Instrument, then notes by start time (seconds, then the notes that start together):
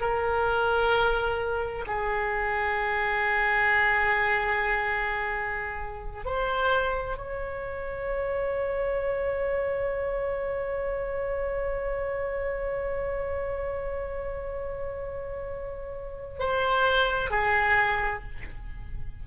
oboe
0.00 A#4
1.87 G#4
6.25 C5
7.17 C#5
16.39 C5
17.30 G#4